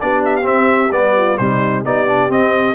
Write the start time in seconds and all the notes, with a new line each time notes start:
0.00 B3 D4 G4 D5
0.25 E5
0.36 F5
0.42 C4 E5
0.92 G3 B3 D5
1.17 F4
1.38 C3 G3 D#4 C5
1.84 B3 D#4 G4 D5
2.07 D4
2.29 C4 D#5